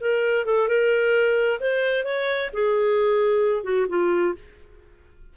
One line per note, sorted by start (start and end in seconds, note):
0.00 0.45 A#4
0.45 0.67 A4
0.67 1.59 A#4
1.60 2.04 C5
2.04 2.50 C#5
2.53 3.63 G#4
3.63 3.86 F#4
3.88 4.34 F4